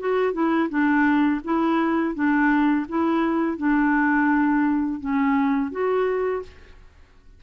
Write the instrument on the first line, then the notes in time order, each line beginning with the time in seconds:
clarinet
0.00 F#4
0.33 E4
0.70 D4
1.44 E4
2.15 D4
2.89 E4
3.58 D4
5.01 C#4
5.72 F#4